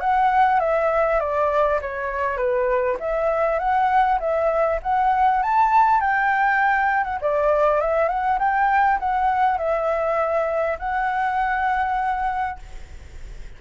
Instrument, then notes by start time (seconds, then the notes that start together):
flute
0.00 F#5
0.60 E5
1.20 D5
1.81 C#5
2.37 B4
2.99 E5
3.59 F#5
4.19 E5
4.82 F#5
5.42 A5
6.00 G5
7.04 F#5
7.21 D5
7.81 E5
8.09 F#5
8.39 G5
8.99 F#5
9.58 E5
10.79 F#5